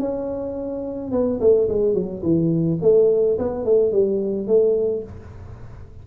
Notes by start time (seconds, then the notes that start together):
0.00 C#4
1.12 B3
1.41 A3
1.69 G#3
1.94 F#3
2.23 E3
2.82 A3
3.38 B3
3.65 A3
3.92 G3
4.48 A3